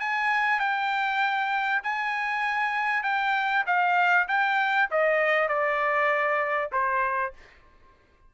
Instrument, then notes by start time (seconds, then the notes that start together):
trumpet
0.00 G#5
0.60 G5
1.83 G#5
3.03 G5
3.66 F5
4.28 G5
4.91 D#5
5.48 D5
6.72 C5